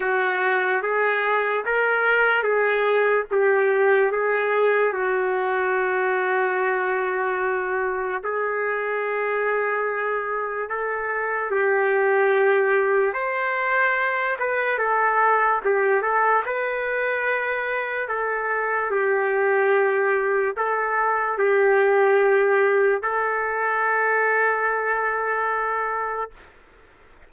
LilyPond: \new Staff \with { instrumentName = "trumpet" } { \time 4/4 \tempo 4 = 73 fis'4 gis'4 ais'4 gis'4 | g'4 gis'4 fis'2~ | fis'2 gis'2~ | gis'4 a'4 g'2 |
c''4. b'8 a'4 g'8 a'8 | b'2 a'4 g'4~ | g'4 a'4 g'2 | a'1 | }